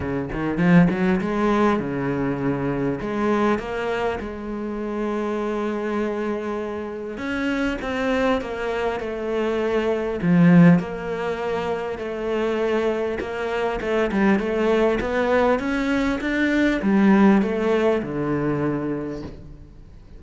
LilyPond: \new Staff \with { instrumentName = "cello" } { \time 4/4 \tempo 4 = 100 cis8 dis8 f8 fis8 gis4 cis4~ | cis4 gis4 ais4 gis4~ | gis1 | cis'4 c'4 ais4 a4~ |
a4 f4 ais2 | a2 ais4 a8 g8 | a4 b4 cis'4 d'4 | g4 a4 d2 | }